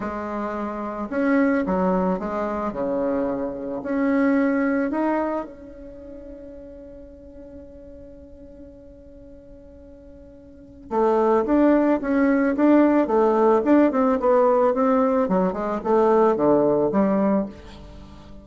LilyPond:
\new Staff \with { instrumentName = "bassoon" } { \time 4/4 \tempo 4 = 110 gis2 cis'4 fis4 | gis4 cis2 cis'4~ | cis'4 dis'4 cis'2~ | cis'1~ |
cis'1 | a4 d'4 cis'4 d'4 | a4 d'8 c'8 b4 c'4 | fis8 gis8 a4 d4 g4 | }